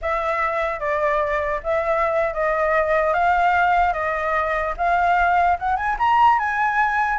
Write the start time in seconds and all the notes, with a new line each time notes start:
0.01 E5
0.79 D5
1.63 E5
2.33 D#5
3.13 F5
3.93 D#5
4.77 F5
5.59 F#5
5.76 G#5
5.99 A#5
6.38 G#5